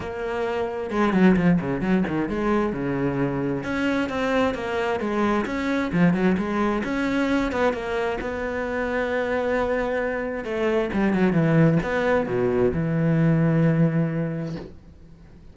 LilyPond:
\new Staff \with { instrumentName = "cello" } { \time 4/4 \tempo 4 = 132 ais2 gis8 fis8 f8 cis8 | fis8 dis8 gis4 cis2 | cis'4 c'4 ais4 gis4 | cis'4 f8 fis8 gis4 cis'4~ |
cis'8 b8 ais4 b2~ | b2. a4 | g8 fis8 e4 b4 b,4 | e1 | }